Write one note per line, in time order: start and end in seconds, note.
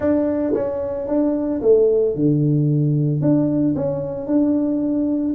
0.00 0.53 D4
0.54 1.07 C#4
1.07 1.61 D4
1.61 2.15 A3
2.15 3.21 D3
3.21 3.75 D4
3.75 4.27 C#4
4.27 5.34 D4